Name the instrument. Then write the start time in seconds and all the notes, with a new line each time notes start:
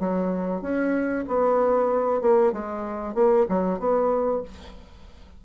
bassoon
0.00 F#3
0.62 C#4
1.28 B3
2.22 A#3
2.53 G#3
3.15 A#3
3.49 F#3
3.80 B3